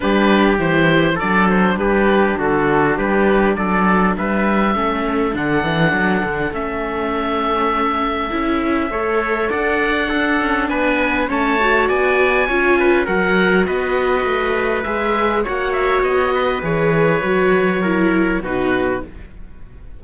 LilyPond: <<
  \new Staff \with { instrumentName = "oboe" } { \time 4/4 \tempo 4 = 101 b'4 c''4 d''8 c''8 b'4 | a'4 b'4 d''4 e''4~ | e''4 fis''2 e''4~ | e''1 |
fis''2 gis''4 a''4 | gis''2 fis''4 dis''4~ | dis''4 e''4 fis''8 e''8 dis''4 | cis''2. b'4 | }
  \new Staff \with { instrumentName = "trumpet" } { \time 4/4 g'2 a'4 g'4 | fis'4 g'4 a'4 b'4 | a'1~ | a'2. cis''4 |
d''4 a'4 b'4 cis''4 | d''4 cis''8 b'8 ais'4 b'4~ | b'2 cis''4. b'8~ | b'2 ais'4 fis'4 | }
  \new Staff \with { instrumentName = "viola" } { \time 4/4 d'4 e'4 d'2~ | d'1 | cis'4 d'2 cis'4~ | cis'2 e'4 a'4~ |
a'4 d'2 cis'8 fis'8~ | fis'4 f'4 fis'2~ | fis'4 gis'4 fis'2 | gis'4 fis'4 e'4 dis'4 | }
  \new Staff \with { instrumentName = "cello" } { \time 4/4 g4 e4 fis4 g4 | d4 g4 fis4 g4 | a4 d8 e8 fis8 d8 a4~ | a2 cis'4 a4 |
d'4. cis'8 b4 a4 | b4 cis'4 fis4 b4 | a4 gis4 ais4 b4 | e4 fis2 b,4 | }
>>